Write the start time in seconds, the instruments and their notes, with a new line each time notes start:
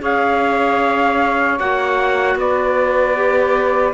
0.00 cello C#4, clarinet G#4, saxophone C#5, trumpet F5
1.59 cello A#3, clarinet F#4, trumpet F#5
2.35 cello B3, saxophone B4, trumpet D5
3.15 clarinet G4